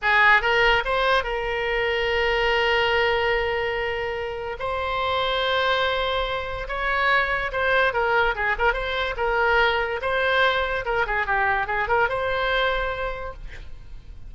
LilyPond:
\new Staff \with { instrumentName = "oboe" } { \time 4/4 \tempo 4 = 144 gis'4 ais'4 c''4 ais'4~ | ais'1~ | ais'2. c''4~ | c''1 |
cis''2 c''4 ais'4 | gis'8 ais'8 c''4 ais'2 | c''2 ais'8 gis'8 g'4 | gis'8 ais'8 c''2. | }